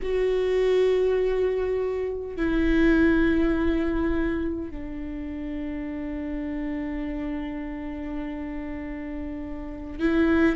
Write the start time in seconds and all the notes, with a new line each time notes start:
0.02 F#4
2.36 E4
4.70 D4
9.99 E4